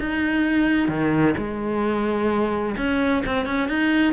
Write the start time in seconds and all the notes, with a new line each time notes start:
0.00 D#4
0.89 D#3
1.37 G#3
2.77 C#4
3.26 C4
3.46 C#4
3.69 D#4